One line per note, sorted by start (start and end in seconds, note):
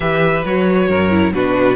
0.00 0.43 E3
0.00 0.44 G4
0.00 0.88 B4
0.00 0.44 E5
0.44 0.89 F#3
0.44 1.10 F#4
0.44 1.33 C#5
0.88 1.33 F#2
0.88 1.32 A#4
1.10 1.32 E4
1.33 1.76 B2
1.33 1.76 D4
1.33 1.76 F#4
1.33 1.76 B4